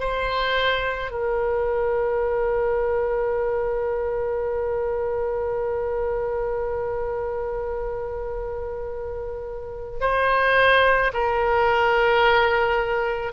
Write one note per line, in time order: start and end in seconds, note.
0.00 1.11 C5
1.11 10.00 A#4
10.01 11.12 C5
11.13 13.33 A#4